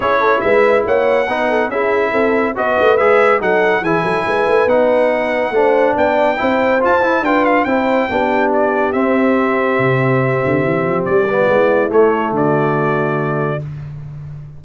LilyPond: <<
  \new Staff \with { instrumentName = "trumpet" } { \time 4/4 \tempo 4 = 141 cis''4 e''4 fis''2 | e''2 dis''4 e''4 | fis''4 gis''2 fis''4~ | fis''2 g''2 |
a''4 g''8 f''8 g''2 | d''4 e''2.~ | e''2 d''2 | cis''4 d''2. | }
  \new Staff \with { instrumentName = "horn" } { \time 4/4 gis'8 a'8 b'4 cis''4 b'8 a'8 | gis'4 a'4 b'2 | a'4 gis'8 a'8 b'2~ | b'4 c''4 d''4 c''4~ |
c''4 b'4 c''4 g'4~ | g'1~ | g'2~ g'8. f'16 e'4~ | e'4 fis'2. | }
  \new Staff \with { instrumentName = "trombone" } { \time 4/4 e'2. dis'4 | e'2 fis'4 gis'4 | dis'4 e'2 dis'4~ | dis'4 d'2 e'4 |
f'8 e'8 f'4 e'4 d'4~ | d'4 c'2.~ | c'2~ c'8 b4. | a1 | }
  \new Staff \with { instrumentName = "tuba" } { \time 4/4 cis'4 gis4 ais4 b4 | cis'4 c'4 b8 a8 gis4 | fis4 e8 fis8 gis8 a8 b4~ | b4 a4 b4 c'4 |
f'8 e'8 d'4 c'4 b4~ | b4 c'2 c4~ | c8 d8 e8 f8 g4 gis4 | a4 d2. | }
>>